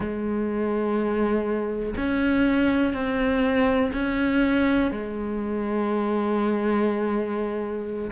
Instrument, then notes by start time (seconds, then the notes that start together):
cello
0.00 G#3
1.97 C#4
2.93 C4
3.93 C#4
4.91 G#3